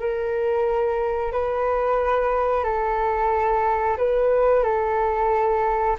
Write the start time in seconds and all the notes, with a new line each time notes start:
0.00 A#4
1.32 B4
2.64 A4
3.97 B4
4.64 A4